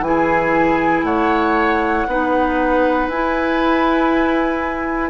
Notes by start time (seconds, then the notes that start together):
0.00 E3 E4 G#5
0.07 G#4
1.03 A3 C#5 F#5
2.07 B3 D#4 B4
3.08 E4 G#5